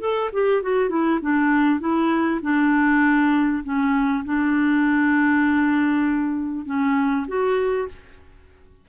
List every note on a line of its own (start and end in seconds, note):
0.00 0.30 A4
0.33 0.62 G4
0.62 0.89 F#4
0.89 1.19 E4
1.21 1.80 D4
1.80 2.40 E4
2.42 3.63 D4
3.63 4.24 C#4
4.25 6.66 D4
6.66 7.26 C#4
7.27 7.88 F#4